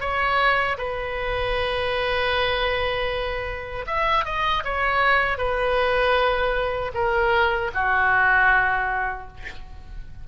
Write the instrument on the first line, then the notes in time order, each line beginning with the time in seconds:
oboe
0.00 C#5
0.78 B4
3.86 E5
4.25 D#5
4.64 C#5
5.38 B4
6.94 A#4
7.74 F#4